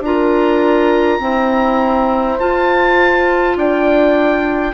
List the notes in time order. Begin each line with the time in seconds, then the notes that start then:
0.00 D4 F4 A#4 A#5
1.19 C4 E4 C5
2.39 F4 A5
3.56 D4 D5 G5